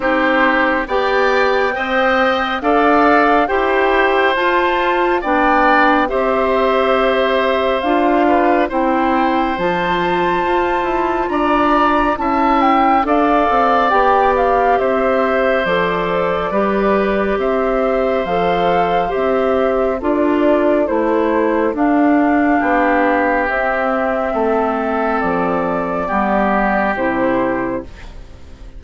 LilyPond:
<<
  \new Staff \with { instrumentName = "flute" } { \time 4/4 \tempo 4 = 69 c''4 g''2 f''4 | g''4 a''4 g''4 e''4~ | e''4 f''4 g''4 a''4~ | a''4 ais''4 a''8 g''8 f''4 |
g''8 f''8 e''4 d''2 | e''4 f''4 e''4 d''4 | c''4 f''2 e''4~ | e''4 d''2 c''4 | }
  \new Staff \with { instrumentName = "oboe" } { \time 4/4 g'4 d''4 dis''4 d''4 | c''2 d''4 c''4~ | c''4. b'8 c''2~ | c''4 d''4 e''4 d''4~ |
d''4 c''2 b'4 | c''2. a'4~ | a'2 g'2 | a'2 g'2 | }
  \new Staff \with { instrumentName = "clarinet" } { \time 4/4 dis'4 g'4 c''4 a'4 | g'4 f'4 d'4 g'4~ | g'4 f'4 e'4 f'4~ | f'2 e'4 a'4 |
g'2 a'4 g'4~ | g'4 a'4 g'4 f'4 | e'4 d'2 c'4~ | c'2 b4 e'4 | }
  \new Staff \with { instrumentName = "bassoon" } { \time 4/4 c'4 b4 c'4 d'4 | e'4 f'4 b4 c'4~ | c'4 d'4 c'4 f4 | f'8 e'8 d'4 cis'4 d'8 c'8 |
b4 c'4 f4 g4 | c'4 f4 c'4 d'4 | a4 d'4 b4 c'4 | a4 f4 g4 c4 | }
>>